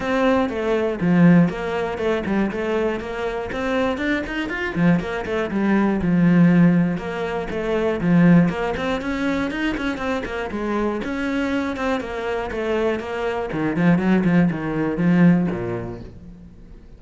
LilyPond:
\new Staff \with { instrumentName = "cello" } { \time 4/4 \tempo 4 = 120 c'4 a4 f4 ais4 | a8 g8 a4 ais4 c'4 | d'8 dis'8 f'8 f8 ais8 a8 g4 | f2 ais4 a4 |
f4 ais8 c'8 cis'4 dis'8 cis'8 | c'8 ais8 gis4 cis'4. c'8 | ais4 a4 ais4 dis8 f8 | fis8 f8 dis4 f4 ais,4 | }